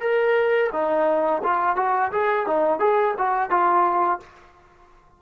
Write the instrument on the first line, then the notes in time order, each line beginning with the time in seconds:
trombone
0.00 A#4
0.72 D#4
1.43 F4
1.76 F#4
2.12 G#4
2.46 D#4
2.79 G#4
3.17 F#4
3.50 F4